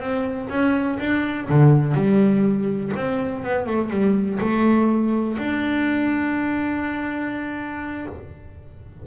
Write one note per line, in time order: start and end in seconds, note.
0.00 0.49 C4
0.49 0.98 C#4
0.99 1.48 D4
1.49 1.94 D3
1.94 2.92 G3
2.96 3.44 C4
3.44 3.67 B3
3.67 3.90 A3
3.90 4.39 G3
4.40 5.37 A3
5.38 8.07 D4